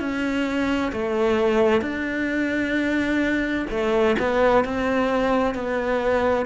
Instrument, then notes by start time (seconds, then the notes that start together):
cello
0.00 C#4
0.92 A3
1.81 D4
3.70 A3
4.19 B3
4.65 C4
5.55 B3